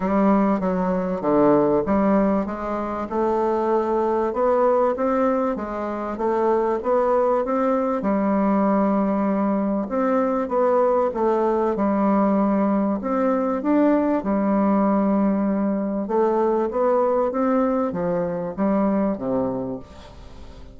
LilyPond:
\new Staff \with { instrumentName = "bassoon" } { \time 4/4 \tempo 4 = 97 g4 fis4 d4 g4 | gis4 a2 b4 | c'4 gis4 a4 b4 | c'4 g2. |
c'4 b4 a4 g4~ | g4 c'4 d'4 g4~ | g2 a4 b4 | c'4 f4 g4 c4 | }